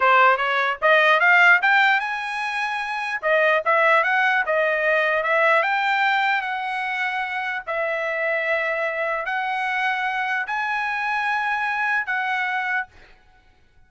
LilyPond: \new Staff \with { instrumentName = "trumpet" } { \time 4/4 \tempo 4 = 149 c''4 cis''4 dis''4 f''4 | g''4 gis''2. | dis''4 e''4 fis''4 dis''4~ | dis''4 e''4 g''2 |
fis''2. e''4~ | e''2. fis''4~ | fis''2 gis''2~ | gis''2 fis''2 | }